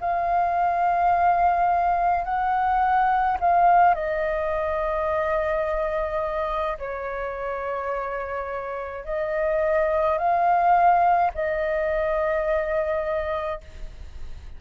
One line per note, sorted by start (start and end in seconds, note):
0.00 2.24 F5
2.24 3.38 F#5
3.40 3.95 F5
3.95 6.78 D#5
6.78 9.05 C#5
9.05 10.18 D#5
10.18 11.31 F5
11.34 13.61 D#5